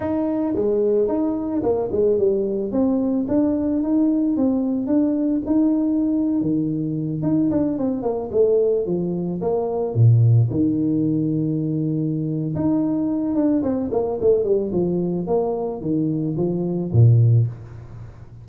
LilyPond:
\new Staff \with { instrumentName = "tuba" } { \time 4/4 \tempo 4 = 110 dis'4 gis4 dis'4 ais8 gis8 | g4 c'4 d'4 dis'4 | c'4 d'4 dis'4.~ dis'16 dis16~ | dis4~ dis16 dis'8 d'8 c'8 ais8 a8.~ |
a16 f4 ais4 ais,4 dis8.~ | dis2. dis'4~ | dis'8 d'8 c'8 ais8 a8 g8 f4 | ais4 dis4 f4 ais,4 | }